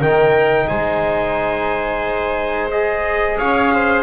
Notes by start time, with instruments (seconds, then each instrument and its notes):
0.00 double bass D#3, trombone D#4, viola A#4, trumpet G5
0.68 double bass G#3, viola C5, trumpet G#5
2.71 trombone G#4, trumpet D#5
3.39 double bass C#4, viola C#5, trumpet F5
3.74 viola C5